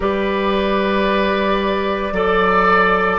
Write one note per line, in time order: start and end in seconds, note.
0.00 2.12 G3
0.00 2.13 G4
0.00 2.13 B4
0.00 3.19 D5
2.12 3.19 F#3
2.12 3.19 A4
2.12 3.19 D5